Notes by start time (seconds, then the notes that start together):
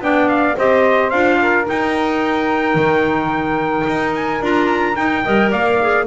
0.00 B3 D4 D5 G5
0.29 F5
0.56 C4 G4 C5 D#5
1.10 D4 F4 F5
1.41 A#4
1.65 D#4 G5
2.75 D#3
3.87 D#4
4.15 G#5
4.41 D4 F4 A#5
4.96 D#4 G5
5.24 G3 A#4 D#5
5.50 A#3 D5 F5
5.81 G#4